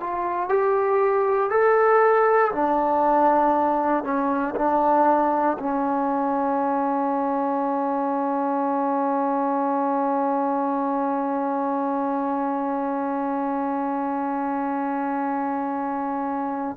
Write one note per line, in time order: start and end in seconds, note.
0.00 0.49 F4
0.49 1.50 G4
1.50 2.52 A4
2.52 4.04 D4
4.04 4.55 C#4
4.56 5.57 D4
5.59 16.77 C#4